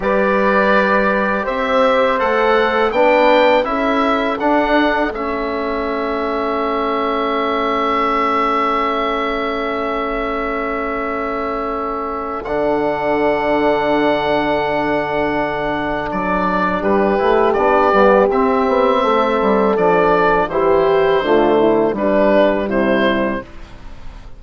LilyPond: <<
  \new Staff \with { instrumentName = "oboe" } { \time 4/4 \tempo 4 = 82 d''2 e''4 fis''4 | g''4 e''4 fis''4 e''4~ | e''1~ | e''1~ |
e''4 fis''2.~ | fis''2 d''4 b'4 | d''4 e''2 d''4 | c''2 b'4 c''4 | }
  \new Staff \with { instrumentName = "horn" } { \time 4/4 b'2 c''2 | b'4 a'2.~ | a'1~ | a'1~ |
a'1~ | a'2. g'4~ | g'2 a'2 | g'4 f'8 e'8 d'4 e'4 | }
  \new Staff \with { instrumentName = "trombone" } { \time 4/4 g'2. a'4 | d'4 e'4 d'4 cis'4~ | cis'1~ | cis'1~ |
cis'4 d'2.~ | d'2.~ d'8 e'8 | d'8 b8 c'2 d'4 | e'4 a4 g2 | }
  \new Staff \with { instrumentName = "bassoon" } { \time 4/4 g2 c'4 a4 | b4 cis'4 d'4 a4~ | a1~ | a1~ |
a4 d2.~ | d2 fis4 g8 a8 | b8 g8 c'8 b8 a8 g8 f4 | e4 d4 g4 c4 | }
>>